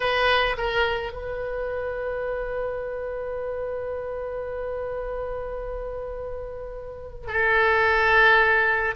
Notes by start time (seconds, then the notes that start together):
0.00 B4
0.57 A#4
1.12 B4
7.27 A4